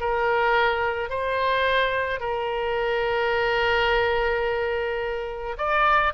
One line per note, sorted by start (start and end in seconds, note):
0.00 1.09 A#4
1.09 2.20 C5
2.20 5.57 A#4
5.58 6.14 D5